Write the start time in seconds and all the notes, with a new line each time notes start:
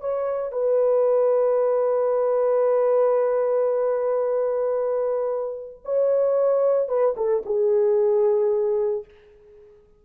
0.00 C#5
0.52 B4
5.85 C#5
6.88 B4
7.16 A4
7.45 G#4